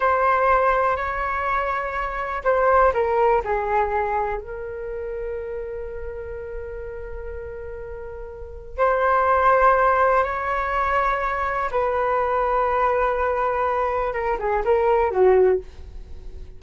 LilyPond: \new Staff \with { instrumentName = "flute" } { \time 4/4 \tempo 4 = 123 c''2 cis''2~ | cis''4 c''4 ais'4 gis'4~ | gis'4 ais'2.~ | ais'1~ |
ais'2 c''2~ | c''4 cis''2. | b'1~ | b'4 ais'8 gis'8 ais'4 fis'4 | }